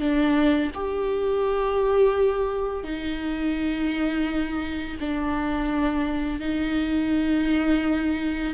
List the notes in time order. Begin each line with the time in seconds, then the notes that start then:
0.00 D4
0.74 G4
2.84 D#4
5.00 D4
6.40 D#4